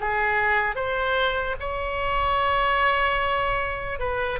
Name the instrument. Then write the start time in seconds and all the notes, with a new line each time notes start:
oboe
0.00 G#4
0.75 C5
1.60 C#5
3.99 B4